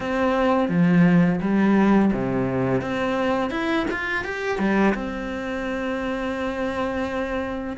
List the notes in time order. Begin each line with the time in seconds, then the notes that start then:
0.00 C4
0.69 F3
1.41 G3
2.13 C3
2.81 C4
3.50 E4
3.90 F4
4.24 G4
4.58 G3
4.94 C4